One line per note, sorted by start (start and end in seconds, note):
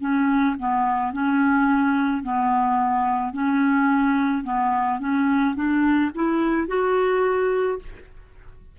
0.00 0.56 C#4
0.59 1.13 B3
1.13 2.23 C#4
2.23 3.33 B3
3.33 4.44 C#4
4.44 4.99 B3
4.99 5.55 C#4
5.55 6.11 D4
6.15 6.68 E4
6.68 7.79 F#4